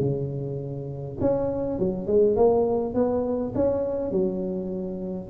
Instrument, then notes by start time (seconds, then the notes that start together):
tuba
0.00 C#3
1.21 C#4
1.79 F#3
2.07 G#3
2.36 A#3
2.94 B3
3.55 C#4
4.11 F#3